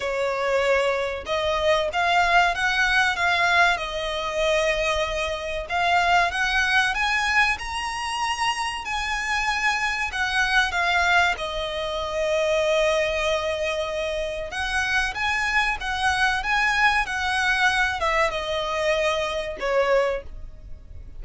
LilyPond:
\new Staff \with { instrumentName = "violin" } { \time 4/4 \tempo 4 = 95 cis''2 dis''4 f''4 | fis''4 f''4 dis''2~ | dis''4 f''4 fis''4 gis''4 | ais''2 gis''2 |
fis''4 f''4 dis''2~ | dis''2. fis''4 | gis''4 fis''4 gis''4 fis''4~ | fis''8 e''8 dis''2 cis''4 | }